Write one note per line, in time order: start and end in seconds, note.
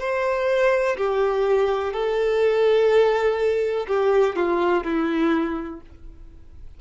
0.00 0.97 C5
0.97 1.94 G4
1.94 3.87 A4
3.88 4.36 G4
4.36 4.84 F4
4.84 5.81 E4